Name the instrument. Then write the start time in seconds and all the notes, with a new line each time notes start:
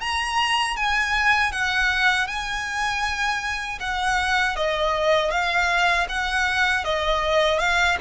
violin
0.00 A#5
0.76 G#5
1.52 F#5
2.27 G#5
3.80 F#5
4.55 D#5
5.31 F5
6.09 F#5
6.84 D#5
7.59 F5